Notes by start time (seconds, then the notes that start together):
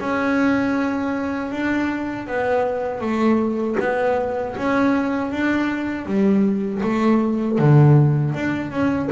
0.00 C#4
1.52 D4
2.27 B3
3.01 A3
3.80 B3
4.57 C#4
5.32 D4
6.06 G3
6.83 A3
7.59 D3
8.35 D4
8.71 C#4